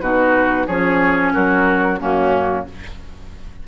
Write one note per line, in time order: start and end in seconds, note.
0.00 0.66 B2
0.00 0.67 D#4
0.00 0.66 F#4
0.00 0.66 B4
0.66 1.33 F3
0.66 1.99 C#4
0.66 1.32 G#4
0.66 1.32 C#5
1.33 2.01 F#3
1.33 1.99 F#4
1.33 1.99 A#4
1.99 2.67 F#2
1.99 2.65 A#3
1.99 2.65 C#4
1.99 2.66 F#4